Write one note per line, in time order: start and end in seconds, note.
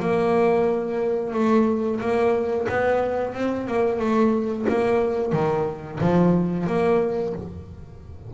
0.00 1.33 A#3
1.33 2.00 A3
2.00 2.67 A#3
2.69 3.34 B3
3.34 3.67 C4
3.67 3.99 A#3
3.99 4.65 A3
4.69 5.32 A#3
5.32 5.99 D#3
6.01 6.67 F3
6.67 7.33 A#3